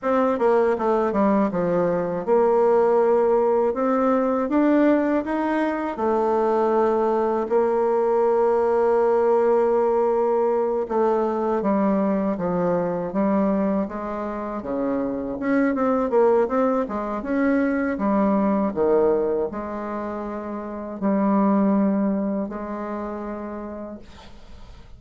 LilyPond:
\new Staff \with { instrumentName = "bassoon" } { \time 4/4 \tempo 4 = 80 c'8 ais8 a8 g8 f4 ais4~ | ais4 c'4 d'4 dis'4 | a2 ais2~ | ais2~ ais8 a4 g8~ |
g8 f4 g4 gis4 cis8~ | cis8 cis'8 c'8 ais8 c'8 gis8 cis'4 | g4 dis4 gis2 | g2 gis2 | }